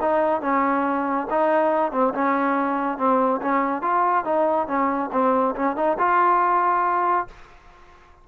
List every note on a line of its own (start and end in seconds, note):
0.00 0.41 D#4
0.41 1.27 C#4
1.30 1.91 D#4
1.91 2.13 C4
2.14 2.97 C#4
2.97 3.40 C4
3.41 3.81 C#4
3.81 4.24 F4
4.24 4.67 D#4
4.67 5.10 C#4
5.12 5.55 C4
5.55 5.76 C#4
5.76 5.97 D#4
5.98 7.27 F4